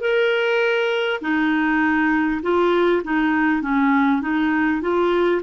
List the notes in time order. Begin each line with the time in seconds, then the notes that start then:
0.00 A#4
1.21 D#4
2.42 F4
3.04 D#4
3.62 C#4
4.22 D#4
4.81 F4